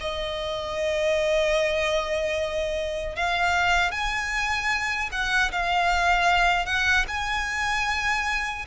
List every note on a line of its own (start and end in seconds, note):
0.00 3.15 D#5
3.15 3.91 F5
3.91 5.10 G#5
5.12 5.51 F#5
5.51 6.66 F5
6.66 7.05 F#5
7.08 8.66 G#5